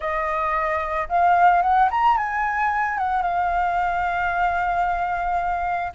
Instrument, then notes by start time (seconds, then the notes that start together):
flute
0.00 D#5
1.09 F5
1.62 F#5
1.91 A#5
2.17 G#5
2.97 F#5
3.22 F5